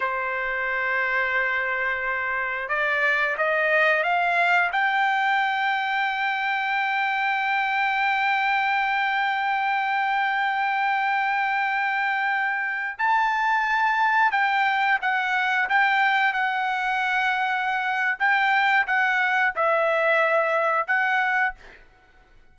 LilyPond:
\new Staff \with { instrumentName = "trumpet" } { \time 4/4 \tempo 4 = 89 c''1 | d''4 dis''4 f''4 g''4~ | g''1~ | g''1~ |
g''2.~ g''16 a''8.~ | a''4~ a''16 g''4 fis''4 g''8.~ | g''16 fis''2~ fis''8. g''4 | fis''4 e''2 fis''4 | }